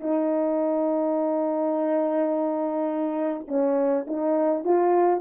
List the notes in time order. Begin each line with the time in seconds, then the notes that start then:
0.00 D#4
3.48 C#4
4.07 D#4
4.64 F4